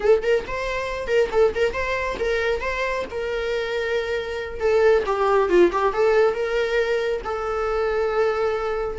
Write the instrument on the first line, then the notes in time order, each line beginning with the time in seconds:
viola
0.00 A4
0.22 A#4
0.47 C5
1.07 A#4
1.31 A4
1.55 A#4
1.73 C5
2.19 A#4
2.61 C5
3.11 A#4
4.59 A4
5.06 G4
5.49 F4
5.72 G4
5.93 A4
6.34 A#4
7.24 A4